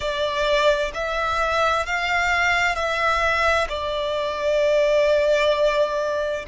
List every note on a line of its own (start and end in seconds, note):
0.00 0.91 D5
0.94 1.85 E5
1.85 2.75 F5
2.75 3.67 E5
3.68 6.45 D5